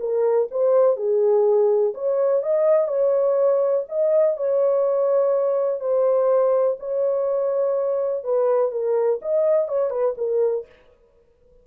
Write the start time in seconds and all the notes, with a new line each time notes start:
0.00 A#4
0.51 C5
0.97 G#4
1.94 C#5
2.43 D#5
2.88 C#5
3.88 D#5
4.37 C#5
5.80 C5
6.79 C#5
8.24 B4
8.71 A#4
9.22 D#5
9.68 C#5
9.90 B4
10.17 A#4